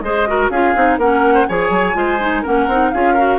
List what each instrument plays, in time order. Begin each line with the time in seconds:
0.00 bassoon G#3, clarinet G#4, oboe C5, flute D#5
0.27 clarinet F#4, oboe A#4
0.49 bassoon C#4, clarinet F4, oboe G#4, flute F5
0.75 bassoon C4, clarinet D#4
0.97 bassoon A#3, clarinet C#4, oboe A#4, flute F#5
1.34 oboe C5
1.47 bassoon F3, clarinet G#4, oboe C#5, flute G#5
1.70 bassoon F#3
1.94 bassoon G#3, clarinet F4, oboe C5
2.20 clarinet D#4
2.42 bassoon A#3, clarinet C#4, oboe A#4, flute F#5
2.68 bassoon C4, clarinet D#4
2.90 bassoon C#4, clarinet F4, oboe G#4, flute F5
3.14 clarinet F#4, oboe A#4